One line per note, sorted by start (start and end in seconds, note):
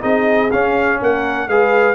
0.00 0.52 C4
0.00 0.49 D#4
0.00 0.98 G#4
0.00 0.50 D#5
0.51 1.50 C#4
0.51 1.01 C#4
0.51 0.99 F5
1.01 1.47 A#3
1.01 1.48 A#4
1.01 1.48 F#5
1.47 1.94 G#3
1.47 1.94 G#4
1.47 1.94 B4
1.47 1.94 F5